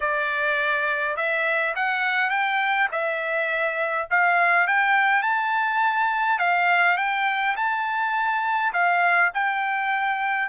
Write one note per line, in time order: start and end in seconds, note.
0.00 1.16 D5
1.16 1.74 E5
1.75 2.30 F#5
2.30 2.88 G5
2.91 4.08 E5
4.10 4.67 F5
4.67 5.22 G5
5.22 6.38 A5
6.38 6.97 F5
6.97 7.55 G5
7.56 8.72 A5
8.73 9.31 F5
9.34 10.49 G5